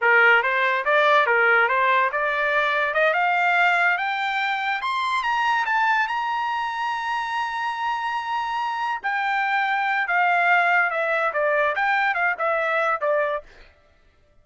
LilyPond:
\new Staff \with { instrumentName = "trumpet" } { \time 4/4 \tempo 4 = 143 ais'4 c''4 d''4 ais'4 | c''4 d''2 dis''8 f''8~ | f''4. g''2 c'''8~ | c'''8 ais''4 a''4 ais''4.~ |
ais''1~ | ais''4. g''2~ g''8 | f''2 e''4 d''4 | g''4 f''8 e''4. d''4 | }